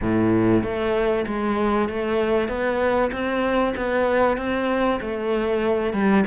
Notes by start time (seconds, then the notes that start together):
0.01 A2
0.63 A3
1.27 G#3
1.88 A3
2.48 B3
3.12 C4
3.76 B3
4.37 C4
5.00 A3
5.93 G3